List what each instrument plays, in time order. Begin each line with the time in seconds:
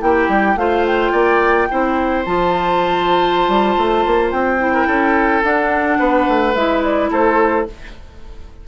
0.00 bassoon A#3, clarinet E4, oboe G4, flute G5
0.29 bassoon G3
0.56 bassoon A3, clarinet F4, oboe C5, flute F5
0.86 flute G5
1.12 bassoon A#3, oboe D5
1.70 bassoon C4, clarinet E4, oboe C5
2.25 bassoon F3, clarinet F4, flute A5
3.48 bassoon G3
3.77 bassoon A3
4.06 bassoon A#3
4.31 bassoon C4, flute G5
4.59 clarinet E4
4.73 oboe A#4
4.87 bassoon C#4, oboe A4
5.43 bassoon D4, clarinet D4, flute F#5
5.99 bassoon B3, oboe B4
6.28 bassoon A3
6.55 bassoon G#3, clarinet E4, flute E5
6.83 flute D5
7.11 bassoon A3, oboe A4, flute C5